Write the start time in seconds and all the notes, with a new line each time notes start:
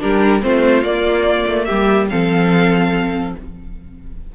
0.00 G3 D4 G4 A#4
0.42 A3 C4 F4 C5
0.84 A#3 D5
1.47 A3
1.65 G3 G4 E5
2.10 F3 C4 A4 F5